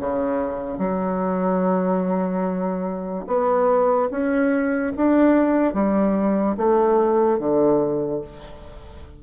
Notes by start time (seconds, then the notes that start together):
0.00 C#3
0.79 F#3
3.28 B3
4.11 C#4
4.97 D4
5.74 G3
6.58 A3
7.39 D3